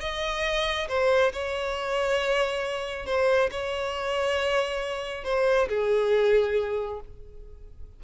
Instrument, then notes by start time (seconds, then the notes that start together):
violin
0.00 D#5
0.88 C5
1.33 C#5
3.06 C5
3.51 C#5
5.24 C5
5.69 G#4